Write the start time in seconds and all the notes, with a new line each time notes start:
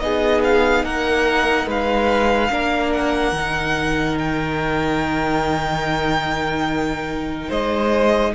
0.00 B3 D#4 G#4 D#5
0.44 F5
0.84 A#3 A#4 F#5
1.67 G#3 B4 F5
2.50 A#3 D4 A#4
2.93 F#5
3.32 D#3 D#4
4.19 G5
7.49 G#3 C5 D#5